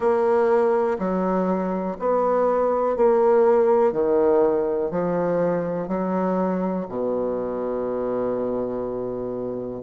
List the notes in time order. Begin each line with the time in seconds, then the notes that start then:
0.00 A#3
0.98 F#3
1.99 B3
2.96 A#3
3.92 D#3
4.90 F3
5.87 F#3
6.89 B2